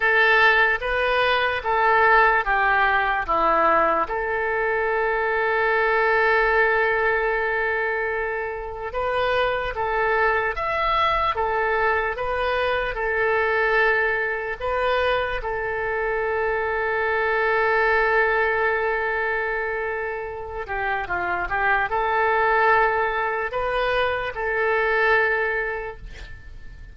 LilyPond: \new Staff \with { instrumentName = "oboe" } { \time 4/4 \tempo 4 = 74 a'4 b'4 a'4 g'4 | e'4 a'2.~ | a'2. b'4 | a'4 e''4 a'4 b'4 |
a'2 b'4 a'4~ | a'1~ | a'4. g'8 f'8 g'8 a'4~ | a'4 b'4 a'2 | }